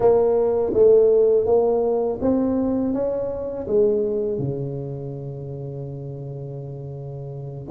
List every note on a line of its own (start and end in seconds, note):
0.00 0.73 A#3
0.73 1.46 A3
1.46 2.19 A#3
2.21 2.93 C4
2.93 3.67 C#4
3.67 4.38 G#3
4.38 7.67 C#3